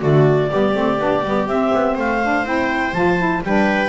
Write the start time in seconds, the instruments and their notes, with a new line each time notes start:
0.00 double bass D3, saxophone A3, viola F#4, clarinet D5
0.51 double bass G3, saxophone B3, viola G4
0.74 double bass A3, saxophone C4
0.99 double bass B3, saxophone D4
1.23 double bass G3, saxophone B3
1.47 double bass C4, saxophone C4, clarinet E5
1.74 double bass B3
1.95 double bass A3, viola C5, clarinet F5
2.22 saxophone D4
2.44 double bass C4, saxophone E4, clarinet G5
2.93 double bass F3, saxophone F4, clarinet A5
3.18 saxophone E4
3.43 double bass G3, saxophone D4, viola B4, clarinet G5